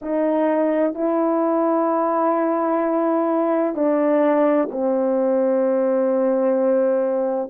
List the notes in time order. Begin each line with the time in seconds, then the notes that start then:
0.01 D#4
0.94 E4
3.75 D4
4.71 C4